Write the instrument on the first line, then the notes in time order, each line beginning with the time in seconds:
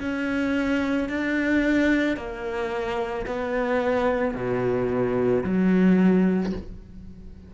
cello
0.00 C#4
1.09 D4
2.17 A#3
3.27 B3
4.34 B2
5.44 F#3